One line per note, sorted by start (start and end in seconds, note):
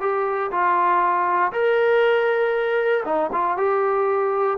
0.00 0.50 G4
0.51 1.52 F4
1.52 3.03 A#4
3.05 3.30 D#4
3.32 3.57 F4
3.57 4.57 G4